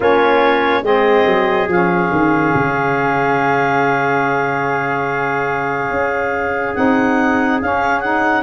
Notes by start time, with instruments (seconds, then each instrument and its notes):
0.00 tuba A#3, saxophone C#4, trumpet F4, clarinet C#5
0.82 tuba G#3, saxophone C4, trumpet G#4, clarinet D#5
1.26 tuba F#3
1.68 tuba F3, saxophone C#4, clarinet F5
2.10 tuba D#3
2.55 tuba C#3
5.90 tuba C#4
6.75 tuba C4, saxophone D#4, clarinet F#5
7.61 saxophone C#4, tuba C#4, clarinet F5
8.00 saxophone D#4, clarinet F#5